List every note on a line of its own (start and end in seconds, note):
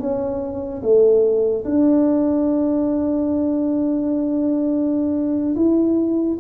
0.00 0.82 C#4
0.82 1.64 A3
1.65 5.55 D4
5.56 6.38 E4